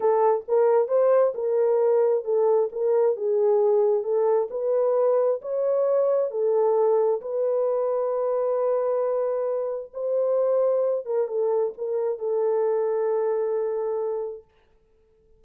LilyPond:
\new Staff \with { instrumentName = "horn" } { \time 4/4 \tempo 4 = 133 a'4 ais'4 c''4 ais'4~ | ais'4 a'4 ais'4 gis'4~ | gis'4 a'4 b'2 | cis''2 a'2 |
b'1~ | b'2 c''2~ | c''8 ais'8 a'4 ais'4 a'4~ | a'1 | }